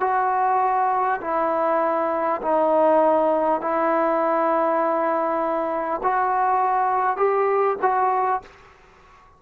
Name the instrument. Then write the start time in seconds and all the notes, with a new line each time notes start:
trombone
0.00 F#4
1.21 E4
2.42 D#4
3.61 E4
6.03 F#4
7.17 G4
7.82 F#4